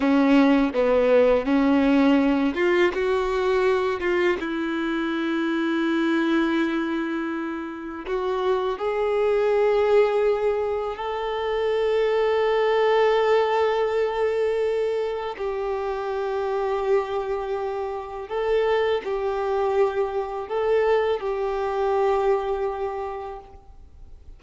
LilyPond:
\new Staff \with { instrumentName = "violin" } { \time 4/4 \tempo 4 = 82 cis'4 b4 cis'4. f'8 | fis'4. f'8 e'2~ | e'2. fis'4 | gis'2. a'4~ |
a'1~ | a'4 g'2.~ | g'4 a'4 g'2 | a'4 g'2. | }